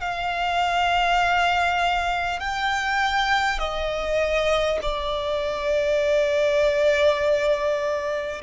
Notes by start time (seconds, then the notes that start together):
0.00 F5
2.39 G5
3.58 D#5
4.82 D5